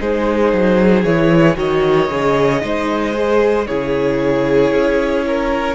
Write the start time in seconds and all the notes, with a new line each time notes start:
0.00 G#3 D#4 G#4 C5
0.53 F#3
1.04 E3 E4 C#5
1.55 D#3 F#4 C#5 D#5
2.10 C#3 G#4
2.61 G#3 D#4 C5
3.13 G#4
3.67 C#3 E4 G#4 C#5
4.72 C#4
5.27 A#4